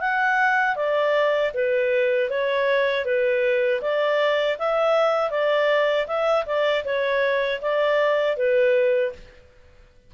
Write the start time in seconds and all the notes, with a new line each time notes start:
0.00 F#5
0.75 D5
1.54 B4
2.30 C#5
3.04 B4
3.81 D5
4.58 E5
5.30 D5
6.07 E5
6.46 D5
6.84 C#5
7.61 D5
8.36 B4